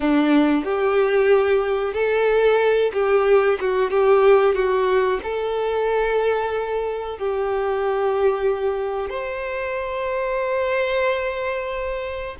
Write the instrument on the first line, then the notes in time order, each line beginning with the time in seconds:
violin
0.00 D4
0.64 G4
1.93 A4
2.93 G4
3.60 F#4
3.90 G4
4.54 F#4
5.23 A4
7.18 G4
9.09 C5